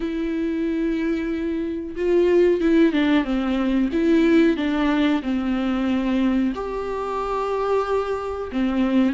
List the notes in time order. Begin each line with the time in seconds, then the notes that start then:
0.00 E4
1.96 F4
2.60 E4
2.92 D4
3.24 C4
3.92 E4
4.57 D4
5.22 C4
6.54 G4
8.51 C4